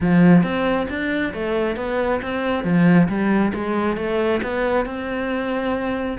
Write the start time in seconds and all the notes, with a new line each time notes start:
0.00 F3
0.43 C4
0.89 D4
1.33 A3
1.76 B3
2.22 C4
2.64 F3
3.08 G3
3.53 G#3
3.96 A3
4.42 B3
4.85 C4